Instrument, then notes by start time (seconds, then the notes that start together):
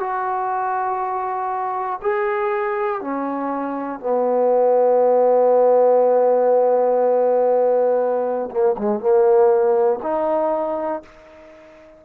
trombone
0.00 F#4
2.01 G#4
3.01 C#4
4.00 B3
8.51 A#3
8.78 G#3
9.00 A#3
10.02 D#4